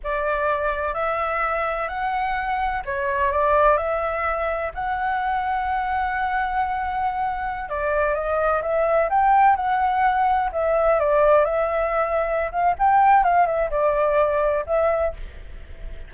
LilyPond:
\new Staff \with { instrumentName = "flute" } { \time 4/4 \tempo 4 = 127 d''2 e''2 | fis''2 cis''4 d''4 | e''2 fis''2~ | fis''1~ |
fis''16 d''4 dis''4 e''4 g''8.~ | g''16 fis''2 e''4 d''8.~ | d''16 e''2~ e''16 f''8 g''4 | f''8 e''8 d''2 e''4 | }